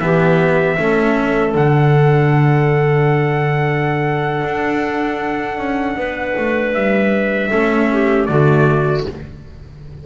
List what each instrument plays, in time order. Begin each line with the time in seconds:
0.00 double bass E3, cello B3, clarinet G4, trumpet E5
0.77 double bass A3, cello C#4, clarinet A4
1.53 double bass D3, cello D4, trumpet F#5
4.44 double bass D4
5.58 double bass C#4
5.97 double bass B3, clarinet B4
6.38 double bass A3
6.74 double bass G3, trumpet E5
7.50 double bass A3, cello C#4, clarinet A4
7.92 clarinet G4
8.26 double bass D3, cello A3, clarinet F#4, trumpet D5